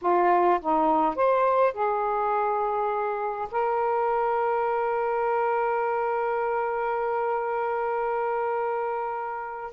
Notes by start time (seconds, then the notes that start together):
0.01 F4
0.60 D#4
1.15 C5
1.73 G#4
3.51 A#4